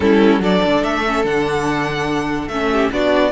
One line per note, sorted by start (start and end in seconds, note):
0.00 0.39 G3
0.00 0.42 C#4
0.00 0.41 E4
0.00 0.41 A4
0.39 0.60 F#3
0.39 1.04 D4
0.39 2.70 A4
0.39 0.83 D5
0.65 0.83 D3
0.83 1.24 A3
0.83 1.25 E5
1.07 1.25 C#4
1.24 2.47 D3
1.24 2.50 D4
1.24 2.48 F#5
2.47 2.89 A3
2.47 2.93 C#4
2.47 2.89 E5
2.71 2.92 G4
2.92 3.32 B3
2.92 3.32 D4
2.92 3.32 F#4
2.92 3.32 D5